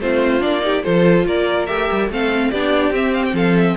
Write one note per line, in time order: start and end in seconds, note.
0.00 0.42 A3
0.00 0.41 C4
0.00 0.65 F4
0.00 0.43 C5
0.41 0.84 A#3
0.41 0.61 D4
0.41 0.84 D5
0.61 0.82 D#4
0.61 0.85 G4
0.84 1.26 F3
0.84 1.68 F4
0.84 1.27 A4
0.84 1.26 C5
1.26 1.68 A#3
1.26 2.12 A#4
1.26 1.67 D5
1.67 1.90 A3
1.67 2.10 G4
1.67 2.09 E5
1.92 2.10 G3
2.10 2.52 A3
2.10 2.53 C4
2.10 2.51 A4
2.10 2.51 F5
2.51 2.91 B3
2.51 2.94 D4
2.51 3.35 G4
2.51 2.93 D5
2.91 3.33 C4
2.91 3.77 C4
2.91 3.15 E5
3.15 3.25 F5
3.26 3.36 G5
3.33 3.75 F3
3.33 3.77 A4
3.33 3.58 F5
3.58 3.77 E5